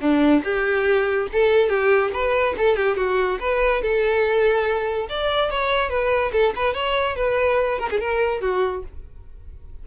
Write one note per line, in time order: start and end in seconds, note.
0.00 0.42 D4
0.44 1.28 G4
1.32 1.69 A4
1.69 2.11 G4
2.13 2.55 B4
2.57 2.76 A4
2.76 2.97 G4
2.97 3.39 F#4
3.40 3.82 B4
3.82 5.08 A4
5.09 5.50 D5
5.50 5.89 C#5
5.89 6.31 B4
6.32 6.53 A4
6.55 6.74 B4
6.74 7.16 C#5
7.16 7.79 B4
7.79 7.89 A#4
7.90 8.00 G#4
8.00 8.41 A#4
8.41 8.83 F#4